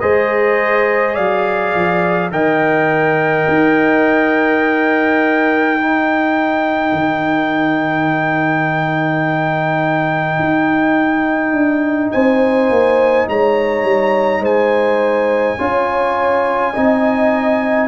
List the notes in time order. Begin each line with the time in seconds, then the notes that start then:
0.00 G#3 G#4 C5 D#5
1.13 F#3 D5 F5
1.74 F3
2.31 D#3 A#4 D#5 G5
3.49 D#4
5.78 D#4 A#4
6.92 D#3
10.39 D#4
11.52 D4
12.12 C4 C5 G#5
12.70 A#3
13.28 G#3 C#5 A#5
13.83 G3
14.40 G#3 C5 G#5
15.58 C#4 F4 C#5
16.73 C4 D#4 D#5